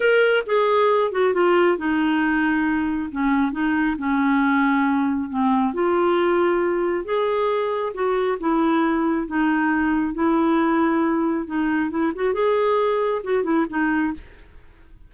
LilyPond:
\new Staff \with { instrumentName = "clarinet" } { \time 4/4 \tempo 4 = 136 ais'4 gis'4. fis'8 f'4 | dis'2. cis'4 | dis'4 cis'2. | c'4 f'2. |
gis'2 fis'4 e'4~ | e'4 dis'2 e'4~ | e'2 dis'4 e'8 fis'8 | gis'2 fis'8 e'8 dis'4 | }